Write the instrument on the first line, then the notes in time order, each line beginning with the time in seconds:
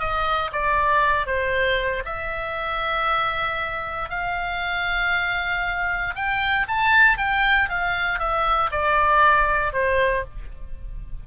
oboe
0.00 D#5
0.53 D5
1.27 C5
2.05 E5
4.10 F5
6.16 G5
6.68 A5
7.18 G5
7.69 F5
8.19 E5
8.72 D5
9.73 C5